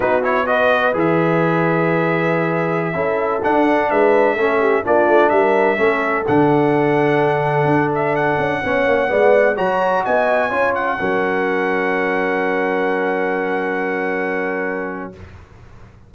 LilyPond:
<<
  \new Staff \with { instrumentName = "trumpet" } { \time 4/4 \tempo 4 = 127 b'8 cis''8 dis''4 e''2~ | e''2.~ e''16 fis''8.~ | fis''16 e''2 d''4 e''8.~ | e''4~ e''16 fis''2~ fis''8.~ |
fis''8. e''8 fis''2~ fis''8.~ | fis''16 ais''4 gis''4. fis''4~ fis''16~ | fis''1~ | fis''1 | }
  \new Staff \with { instrumentName = "horn" } { \time 4/4 fis'4 b'2.~ | b'2~ b'16 a'4.~ a'16~ | a'16 b'4 a'8 g'8 f'4 ais'8.~ | ais'16 a'2.~ a'8.~ |
a'2~ a'16 cis''4 d''8.~ | d''16 cis''4 dis''4 cis''4 ais'8.~ | ais'1~ | ais'1 | }
  \new Staff \with { instrumentName = "trombone" } { \time 4/4 dis'8 e'8 fis'4 gis'2~ | gis'2~ gis'16 e'4 d'8.~ | d'4~ d'16 cis'4 d'4.~ d'16~ | d'16 cis'4 d'2~ d'8.~ |
d'2~ d'16 cis'4 b8.~ | b16 fis'2 f'4 cis'8.~ | cis'1~ | cis'1 | }
  \new Staff \with { instrumentName = "tuba" } { \time 4/4 b2 e2~ | e2~ e16 cis'4 d'8.~ | d'16 gis4 a4 ais8 a8 g8.~ | g16 a4 d2~ d8.~ |
d16 d'4. cis'8 b8 ais8 gis8.~ | gis16 fis4 b4 cis'4 fis8.~ | fis1~ | fis1 | }
>>